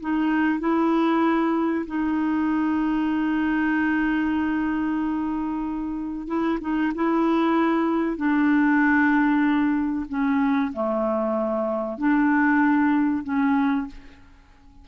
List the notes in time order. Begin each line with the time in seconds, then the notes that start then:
0.00 D#4
0.59 E4
1.86 D#4
6.27 E4
6.61 D#4
6.94 E4
8.16 D4
10.09 C#4
10.73 A3
11.98 D4
13.23 C#4